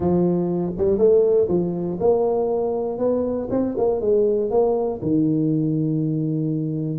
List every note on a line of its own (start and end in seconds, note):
0.00 0.72 F3
0.77 0.97 G3
0.97 1.47 A3
1.48 1.98 F3
2.00 2.98 A#3
2.98 3.48 B3
3.50 3.75 C4
3.77 4.00 A#3
4.00 4.50 G#3
4.50 5.00 A#3
5.02 6.98 D#3